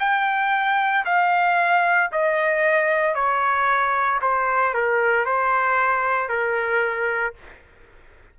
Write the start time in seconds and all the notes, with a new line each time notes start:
0.00 G5
1.06 F5
2.12 D#5
3.15 C#5
4.22 C5
4.75 A#4
5.26 C5
6.29 A#4